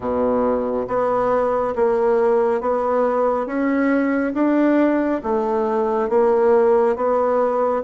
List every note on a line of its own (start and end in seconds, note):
0.00 0.87 B2
0.87 1.74 B3
1.75 2.60 A#3
2.60 3.46 B3
3.46 4.33 C#4
4.34 5.21 D4
5.23 6.09 A3
6.09 6.96 A#3
6.96 7.83 B3